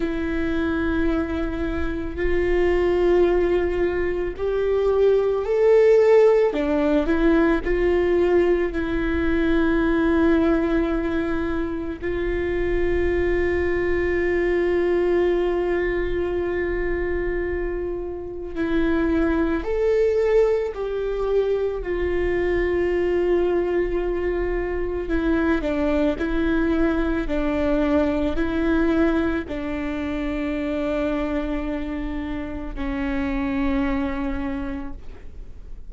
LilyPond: \new Staff \with { instrumentName = "viola" } { \time 4/4 \tempo 4 = 55 e'2 f'2 | g'4 a'4 d'8 e'8 f'4 | e'2. f'4~ | f'1~ |
f'4 e'4 a'4 g'4 | f'2. e'8 d'8 | e'4 d'4 e'4 d'4~ | d'2 cis'2 | }